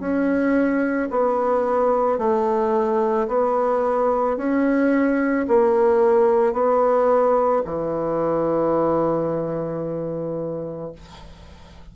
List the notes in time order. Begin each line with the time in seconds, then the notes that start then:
0.00 C#4
1.11 B3
2.18 A3
3.28 B3
4.37 C#4
5.48 A#3
6.53 B3
7.65 E3